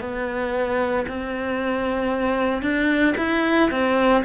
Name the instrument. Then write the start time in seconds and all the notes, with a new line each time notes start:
cello
0.00 B3
1.08 C4
2.62 D4
3.17 E4
3.71 C4